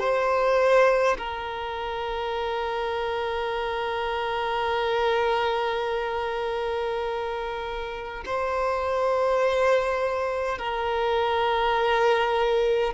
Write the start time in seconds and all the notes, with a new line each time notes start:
0.00 C5
1.18 A#4
8.26 C5
10.58 A#4